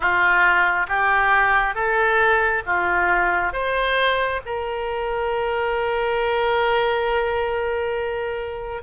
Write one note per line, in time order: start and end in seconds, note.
0.00 0.86 F4
0.88 1.74 G4
1.74 2.62 A4
2.66 3.52 F4
3.52 4.40 C5
4.45 8.82 A#4